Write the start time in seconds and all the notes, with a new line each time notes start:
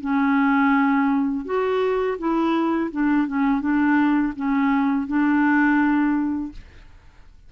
0.00 C#4
1.45 F#4
2.18 E4
2.91 D4
3.27 C#4
3.60 D4
4.36 C#4
5.07 D4